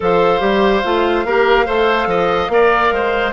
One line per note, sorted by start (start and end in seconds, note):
0.00 0.40 F3
0.00 0.39 A4
0.00 1.26 C5
0.00 3.32 F5
0.39 0.82 G3
0.39 0.81 G4
0.83 1.25 A3
0.83 1.25 F4
1.25 1.67 A#3
1.25 1.66 G4
1.25 1.66 A#4
1.66 2.06 A3
1.66 2.49 A4
1.66 2.07 C5
2.06 2.48 F3
2.06 2.51 D#5
2.48 2.90 A#3
2.48 3.32 A#4
2.48 2.94 D5
2.91 3.32 G#3
2.91 3.32 C5